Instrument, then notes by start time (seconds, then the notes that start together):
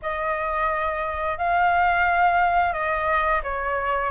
flute
0.02 D#5
1.38 F5
2.73 D#5
3.43 C#5